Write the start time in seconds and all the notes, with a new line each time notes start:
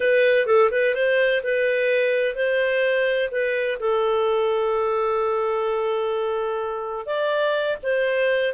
0.00 B4
0.46 A4
0.71 B4
0.94 C5
1.43 B4
2.35 C5
3.31 B4
3.79 A4
7.06 D5
7.82 C5